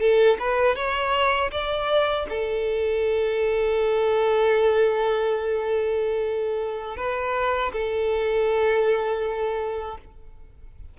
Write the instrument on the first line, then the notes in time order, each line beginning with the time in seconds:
violin
0.00 A4
0.40 B4
0.76 C#5
1.52 D5
2.29 A4
6.97 B4
7.72 A4